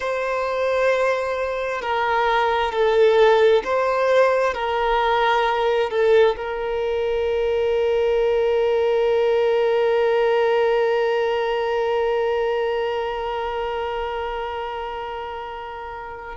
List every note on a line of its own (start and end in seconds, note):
0.00 1.81 C5
1.81 2.71 A#4
2.71 3.62 A4
3.64 4.54 C5
4.54 5.90 A#4
5.90 6.36 A4
6.36 16.36 A#4